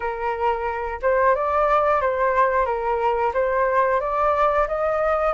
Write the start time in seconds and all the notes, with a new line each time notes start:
0.00 A#4
1.02 C5
1.35 D5
2.01 C5
2.65 A#4
3.33 C5
4.00 D5
4.67 D#5